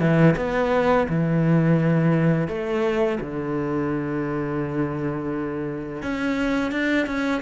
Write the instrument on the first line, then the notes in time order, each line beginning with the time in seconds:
cello
0.00 E3
0.36 B3
1.08 E3
2.48 A3
3.20 D3
6.02 C#4
6.71 D4
7.06 C#4